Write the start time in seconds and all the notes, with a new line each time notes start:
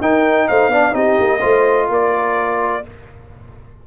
0.00 D#4 A#4 G5
0.48 A3 C5 F5
0.68 B3 D4 D5
0.92 C4 D#4 G4 D#5
1.19 A#3
1.39 A3 F4 C5
1.89 A#3 A#4 D5